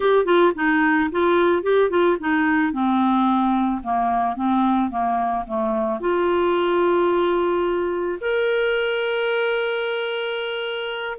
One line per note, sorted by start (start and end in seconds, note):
0.00 0.25 G4
0.25 0.52 F4
0.55 1.09 D#4
1.11 1.62 F4
1.62 1.90 G4
1.90 2.17 F4
2.20 2.72 D#4
2.72 3.81 C4
3.83 4.36 A#3
4.36 4.90 C4
4.90 5.44 A#3
5.47 6.00 A3
6.00 8.18 F4
8.20 11.18 A#4